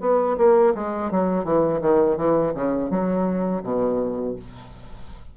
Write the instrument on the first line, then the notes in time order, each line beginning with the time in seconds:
bassoon
0.00 B3
0.37 A#3
0.75 G#3
1.11 F#3
1.44 E3
1.81 D#3
2.17 E3
2.54 C#3
2.90 F#3
3.63 B2